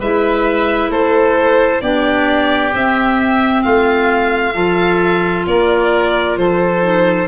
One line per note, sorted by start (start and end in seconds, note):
0.00 0.89 G#3
0.00 1.82 E4
0.00 0.91 B4
0.00 0.91 E5
0.89 1.80 A3
0.89 1.82 A4
0.89 1.81 C5
1.81 2.73 B3
1.81 2.72 D4
1.81 3.63 G4
1.81 2.72 D5
2.72 4.53 C4
2.72 3.64 C4
2.72 3.63 E5
3.63 4.55 A3
3.63 4.54 F4
3.63 5.45 F5
4.53 5.46 F3
4.53 6.81 F4
4.53 5.46 A4
5.47 6.37 A#3
5.47 6.39 A#4
5.47 6.37 D5
6.37 7.28 F3
6.37 7.28 A4
6.37 7.28 C5
6.81 7.27 D#4